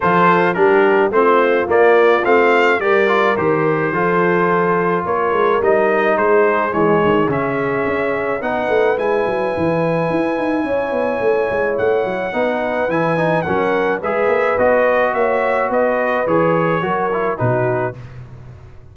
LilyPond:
<<
  \new Staff \with { instrumentName = "trumpet" } { \time 4/4 \tempo 4 = 107 c''4 ais'4 c''4 d''4 | f''4 d''4 c''2~ | c''4 cis''4 dis''4 c''4 | cis''4 e''2 fis''4 |
gis''1~ | gis''4 fis''2 gis''4 | fis''4 e''4 dis''4 e''4 | dis''4 cis''2 b'4 | }
  \new Staff \with { instrumentName = "horn" } { \time 4/4 a'4 g'4 f'2~ | f'4 ais'2 a'4~ | a'4 ais'2 gis'4~ | gis'2. b'4~ |
b'2. cis''4~ | cis''2 b'2 | ais'4 b'2 cis''4 | b'2 ais'4 fis'4 | }
  \new Staff \with { instrumentName = "trombone" } { \time 4/4 f'4 d'4 c'4 ais4 | c'4 g'8 f'8 g'4 f'4~ | f'2 dis'2 | gis4 cis'2 dis'4 |
e'1~ | e'2 dis'4 e'8 dis'8 | cis'4 gis'4 fis'2~ | fis'4 gis'4 fis'8 e'8 dis'4 | }
  \new Staff \with { instrumentName = "tuba" } { \time 4/4 f4 g4 a4 ais4 | a4 g4 dis4 f4~ | f4 ais8 gis8 g4 gis4 | e8 dis8 cis4 cis'4 b8 a8 |
gis8 fis8 e4 e'8 dis'8 cis'8 b8 | a8 gis8 a8 fis8 b4 e4 | fis4 gis8 ais8 b4 ais4 | b4 e4 fis4 b,4 | }
>>